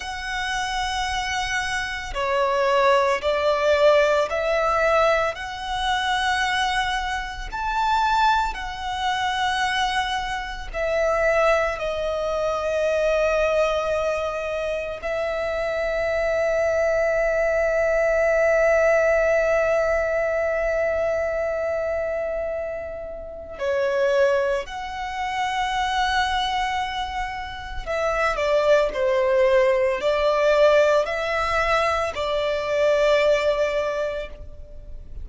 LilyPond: \new Staff \with { instrumentName = "violin" } { \time 4/4 \tempo 4 = 56 fis''2 cis''4 d''4 | e''4 fis''2 a''4 | fis''2 e''4 dis''4~ | dis''2 e''2~ |
e''1~ | e''2 cis''4 fis''4~ | fis''2 e''8 d''8 c''4 | d''4 e''4 d''2 | }